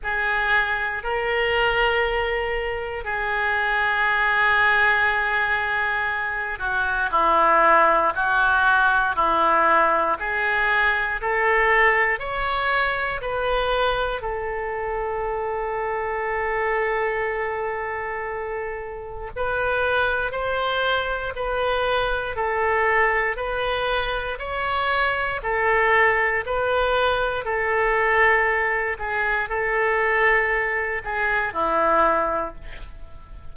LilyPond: \new Staff \with { instrumentName = "oboe" } { \time 4/4 \tempo 4 = 59 gis'4 ais'2 gis'4~ | gis'2~ gis'8 fis'8 e'4 | fis'4 e'4 gis'4 a'4 | cis''4 b'4 a'2~ |
a'2. b'4 | c''4 b'4 a'4 b'4 | cis''4 a'4 b'4 a'4~ | a'8 gis'8 a'4. gis'8 e'4 | }